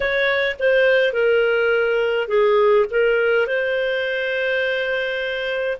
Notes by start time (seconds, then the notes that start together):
0.00 C#5
0.59 C5
1.12 A#4
2.28 G#4
2.90 A#4
3.46 C5